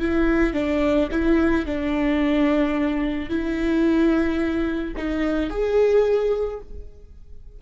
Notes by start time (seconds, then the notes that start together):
0.00 E4
0.54 D4
1.12 E4
1.66 D4
3.30 E4
4.97 D#4
5.50 G#4